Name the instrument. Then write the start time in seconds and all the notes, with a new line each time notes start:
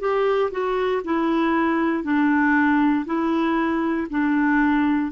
clarinet
0.00 G4
0.51 F#4
1.04 E4
2.04 D4
3.06 E4
4.10 D4